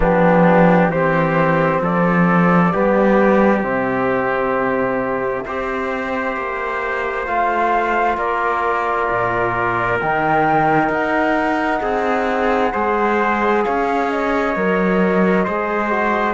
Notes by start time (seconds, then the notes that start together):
0.00 F3 B3 D4 G4
0.87 E3 C4 G4 C5
1.81 F3 A4 D5
2.72 G3 B3 G4
3.61 C3 C4 E5
5.45 C4 G4 C5
6.36 A#3
7.25 A3 F4 F5
8.17 A#3 A#4 D5
9.09 A#2
10.00 D#3 D#4 G5
10.89 D#4 F#5
11.82 C4 G#4
12.72 G#3 G#4 C5
13.64 C#4 C#5 F5
14.09 D#5
14.55 F#3 A#4
15.44 G#3 G#4 C5
15.90 F#4